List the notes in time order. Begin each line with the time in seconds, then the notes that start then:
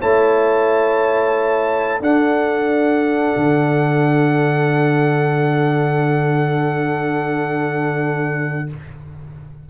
0.00 A3 E4 C#5 A5
2.00 D4 A4 F#5
3.36 D3